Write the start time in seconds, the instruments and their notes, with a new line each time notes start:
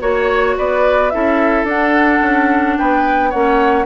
0.00 bassoon A#3, clarinet F#4, oboe C#5, flute C#5
0.58 bassoon B3, oboe B4, flute D5
1.10 bassoon C#4, clarinet E4, oboe A4, flute E5
1.64 bassoon D4, clarinet D4, flute F#5
2.22 bassoon C#4
2.78 bassoon B3, oboe B4, flute G5
3.30 bassoon A#3, clarinet C#4, oboe C#5, flute F#5